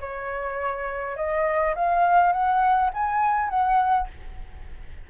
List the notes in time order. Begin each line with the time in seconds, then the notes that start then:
0.00 C#5
1.16 D#5
1.75 F5
2.32 F#5
2.93 G#5
3.49 F#5